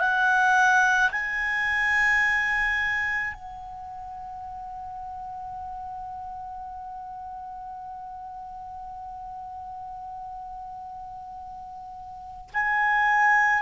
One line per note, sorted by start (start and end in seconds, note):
0.00 1.11 F#5
1.12 3.34 G#5
3.34 12.51 F#5
12.54 13.63 G#5